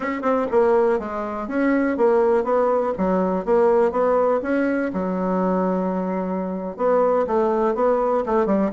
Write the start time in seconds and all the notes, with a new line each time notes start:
0.00 C#4
0.21 C4
0.51 A#3
0.99 G#3
1.48 C#4
1.97 A#3
2.44 B3
2.97 F#3
3.45 A#3
3.91 B3
4.42 C#4
4.93 F#3
6.76 B3
7.26 A3
7.74 B3
8.25 A3
8.46 G3